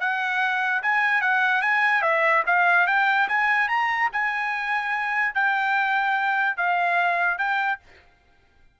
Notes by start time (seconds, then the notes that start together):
0.00 F#5
0.83 G#5
1.21 F#5
1.62 G#5
2.02 E5
2.47 F5
2.87 G5
3.29 G#5
3.69 A#5
4.12 G#5
5.35 G5
6.57 F5
7.38 G5